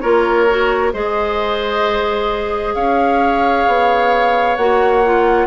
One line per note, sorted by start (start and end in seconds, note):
0.00 0.93 A#3
0.00 0.48 F4
0.00 0.93 A#4
0.00 0.91 C#5
0.49 0.93 F#4
0.93 2.75 G#3
0.93 4.56 G#4
0.93 2.75 C5
0.93 2.74 D#5
2.74 3.66 C#4
2.74 5.47 C#5
2.74 4.56 F5
3.67 4.57 B3
4.56 5.47 A#3
4.56 5.04 F#4
4.56 5.47 F#5
5.04 5.47 F4